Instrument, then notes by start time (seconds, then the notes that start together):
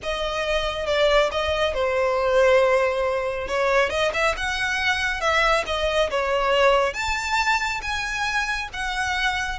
violin
0.02 D#5
0.86 D5
1.31 D#5
1.74 C5
3.47 C#5
3.89 D#5
4.13 E5
4.36 F#5
5.20 E5
5.66 D#5
6.10 C#5
6.93 A5
7.81 G#5
8.73 F#5